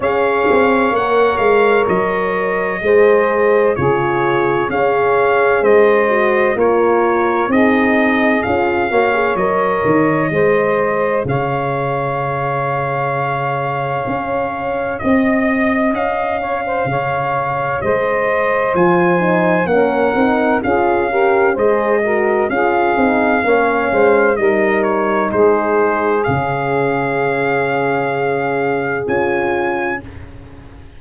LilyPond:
<<
  \new Staff \with { instrumentName = "trumpet" } { \time 4/4 \tempo 4 = 64 f''4 fis''8 f''8 dis''2 | cis''4 f''4 dis''4 cis''4 | dis''4 f''4 dis''2 | f''1 |
dis''4 f''2 dis''4 | gis''4 fis''4 f''4 dis''4 | f''2 dis''8 cis''8 c''4 | f''2. gis''4 | }
  \new Staff \with { instrumentName = "saxophone" } { \time 4/4 cis''2. c''4 | gis'4 cis''4 c''4 ais'4 | gis'4. cis''4. c''4 | cis''1 |
dis''4. cis''16 c''16 cis''4 c''4~ | c''4 ais'4 gis'8 ais'8 c''8 ais'8 | gis'4 cis''8 c''8 ais'4 gis'4~ | gis'1 | }
  \new Staff \with { instrumentName = "horn" } { \time 4/4 gis'4 ais'2 gis'4 | f'4 gis'4. fis'8 f'4 | dis'4 f'8 fis'16 gis'16 ais'4 gis'4~ | gis'1~ |
gis'1 | f'8 dis'8 cis'8 dis'8 f'8 g'8 gis'8 fis'8 | f'8 dis'8 cis'4 dis'2 | cis'2. f'4 | }
  \new Staff \with { instrumentName = "tuba" } { \time 4/4 cis'8 c'8 ais8 gis8 fis4 gis4 | cis4 cis'4 gis4 ais4 | c'4 cis'8 ais8 fis8 dis8 gis4 | cis2. cis'4 |
c'4 cis'4 cis4 gis4 | f4 ais8 c'8 cis'4 gis4 | cis'8 c'8 ais8 gis8 g4 gis4 | cis2. cis'4 | }
>>